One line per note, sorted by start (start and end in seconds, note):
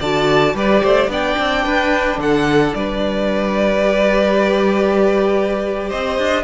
0.00 0.55 D3
0.00 0.56 F#4
0.00 0.55 D5
0.00 0.57 A5
0.55 0.82 G3
0.55 1.10 G4
0.55 0.83 B4
0.55 1.12 D5
0.83 1.08 A3
0.83 1.10 C5
1.08 1.36 B3
1.08 3.85 D4
1.08 1.65 D5
1.08 2.20 G5
1.39 1.66 C4
1.65 2.18 D4
1.65 2.20 B4
2.18 2.73 D3
2.18 2.77 A4
2.18 2.75 F#5
2.75 5.92 G3
2.75 5.89 B4
2.75 5.91 D5
3.85 6.44 G4
5.89 6.19 C4
5.89 6.44 C5
5.89 6.44 D#5
6.19 6.44 D4